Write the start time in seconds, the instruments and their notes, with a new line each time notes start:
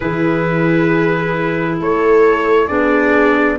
0.00 tuba E3, clarinet E4, viola G#4, trumpet B4
1.79 tuba A3, viola A4, trumpet C#5
2.67 tuba B3, clarinet D4, viola G#4, trumpet D5